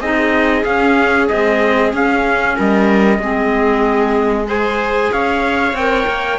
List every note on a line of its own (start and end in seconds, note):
0.00 0.64 C4
0.00 0.64 D#4
0.00 2.56 G#4
0.00 0.64 D#5
0.64 1.28 C#4
0.64 1.29 C#4
0.64 1.28 F5
1.29 1.93 G#3
1.29 1.93 C4
1.29 1.92 D#5
1.93 3.20 C#4
1.93 2.57 C#4
1.93 2.59 F5
2.56 3.18 G3
2.56 3.20 A#4
2.56 4.49 D#5
3.18 5.10 G#3
3.18 4.45 C4
3.18 4.48 G#4
4.45 5.73 G#4
4.45 5.12 C5
4.45 5.13 G#5
5.12 5.73 C#4
5.12 6.39 C#5
5.12 5.76 F5
5.73 6.05 C4
5.73 6.39 A#4
5.73 6.39 G5
6.07 6.39 A#3